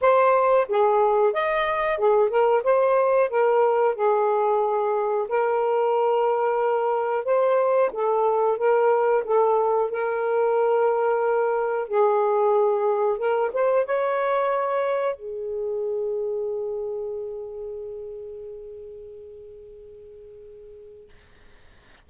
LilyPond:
\new Staff \with { instrumentName = "saxophone" } { \time 4/4 \tempo 4 = 91 c''4 gis'4 dis''4 gis'8 ais'8 | c''4 ais'4 gis'2 | ais'2. c''4 | a'4 ais'4 a'4 ais'4~ |
ais'2 gis'2 | ais'8 c''8 cis''2 gis'4~ | gis'1~ | gis'1 | }